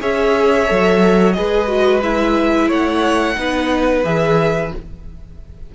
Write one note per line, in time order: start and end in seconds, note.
0.00 0.70 C#4
0.00 0.66 G#4
0.00 1.36 C#5
0.00 1.33 E5
0.66 1.38 F#3
0.66 1.34 A4
1.33 2.70 G#3
1.33 1.68 G#4
1.33 2.68 B4
1.33 2.00 D#5
1.68 2.02 F#4
2.03 3.36 E4
2.03 2.71 E5
2.68 3.37 A3
2.68 3.35 C#5
2.68 4.05 F#5
3.36 4.04 B3
3.36 4.04 D#4
3.36 4.75 B4
4.04 4.72 E3
4.04 4.71 G#4
4.04 4.72 E5